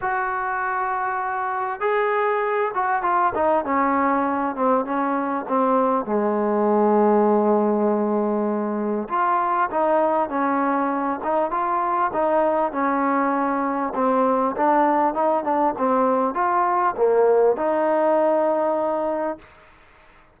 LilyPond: \new Staff \with { instrumentName = "trombone" } { \time 4/4 \tempo 4 = 99 fis'2. gis'4~ | gis'8 fis'8 f'8 dis'8 cis'4. c'8 | cis'4 c'4 gis2~ | gis2. f'4 |
dis'4 cis'4. dis'8 f'4 | dis'4 cis'2 c'4 | d'4 dis'8 d'8 c'4 f'4 | ais4 dis'2. | }